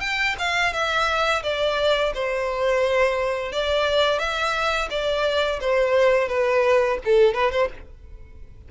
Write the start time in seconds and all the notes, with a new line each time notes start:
0.00 G5
0.38 F5
0.73 E5
1.43 D5
2.14 C5
3.52 D5
4.19 E5
4.90 D5
5.60 C5
6.28 B4
7.05 A4
7.34 B4
7.51 C5